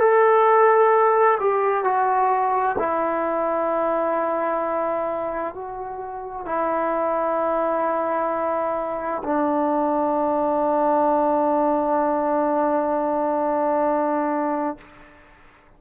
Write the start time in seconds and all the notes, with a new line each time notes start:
0.00 A4
1.41 G4
1.84 F#4
2.79 E4
5.56 F#4
6.46 E4
9.24 D4